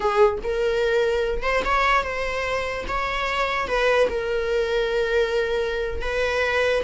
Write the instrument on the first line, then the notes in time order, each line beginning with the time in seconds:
viola
0.00 G#4
0.43 A#4
1.42 C5
1.64 C#5
2.03 C5
2.88 C#5
3.67 B4
4.09 A#4
6.01 B4